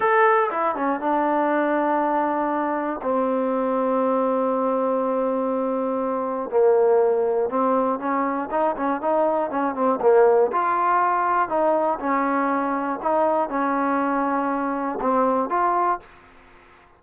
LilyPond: \new Staff \with { instrumentName = "trombone" } { \time 4/4 \tempo 4 = 120 a'4 e'8 cis'8 d'2~ | d'2 c'2~ | c'1~ | c'4 ais2 c'4 |
cis'4 dis'8 cis'8 dis'4 cis'8 c'8 | ais4 f'2 dis'4 | cis'2 dis'4 cis'4~ | cis'2 c'4 f'4 | }